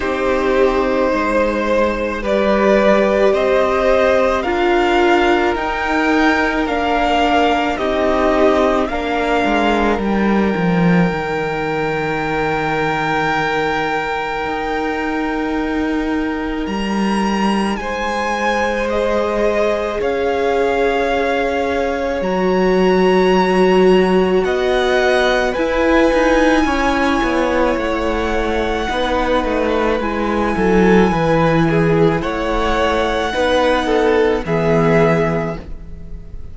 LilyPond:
<<
  \new Staff \with { instrumentName = "violin" } { \time 4/4 \tempo 4 = 54 c''2 d''4 dis''4 | f''4 g''4 f''4 dis''4 | f''4 g''2.~ | g''2. ais''4 |
gis''4 dis''4 f''2 | ais''2 fis''4 gis''4~ | gis''4 fis''2 gis''4~ | gis''4 fis''2 e''4 | }
  \new Staff \with { instrumentName = "violin" } { \time 4/4 g'4 c''4 b'4 c''4 | ais'2. g'4 | ais'1~ | ais'1 |
c''2 cis''2~ | cis''2 dis''4 b'4 | cis''2 b'4. a'8 | b'8 gis'8 cis''4 b'8 a'8 gis'4 | }
  \new Staff \with { instrumentName = "viola" } { \time 4/4 dis'2 g'2 | f'4 dis'4 d'4 dis'4 | d'4 dis'2.~ | dis'1~ |
dis'4 gis'2. | fis'2. e'4~ | e'2 dis'4 e'4~ | e'2 dis'4 b4 | }
  \new Staff \with { instrumentName = "cello" } { \time 4/4 c'4 gis4 g4 c'4 | d'4 dis'4 ais4 c'4 | ais8 gis8 g8 f8 dis2~ | dis4 dis'2 g4 |
gis2 cis'2 | fis2 b4 e'8 dis'8 | cis'8 b8 a4 b8 a8 gis8 fis8 | e4 a4 b4 e4 | }
>>